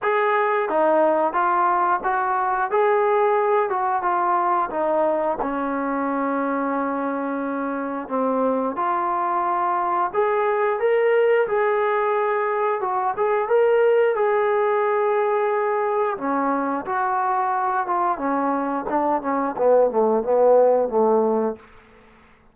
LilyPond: \new Staff \with { instrumentName = "trombone" } { \time 4/4 \tempo 4 = 89 gis'4 dis'4 f'4 fis'4 | gis'4. fis'8 f'4 dis'4 | cis'1 | c'4 f'2 gis'4 |
ais'4 gis'2 fis'8 gis'8 | ais'4 gis'2. | cis'4 fis'4. f'8 cis'4 | d'8 cis'8 b8 a8 b4 a4 | }